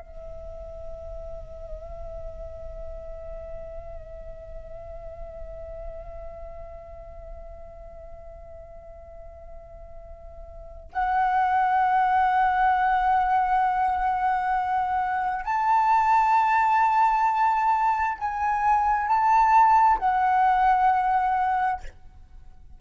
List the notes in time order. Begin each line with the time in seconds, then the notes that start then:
0.00 E5
10.93 F#5
15.45 A5
18.18 G#5
19.08 A5
19.99 F#5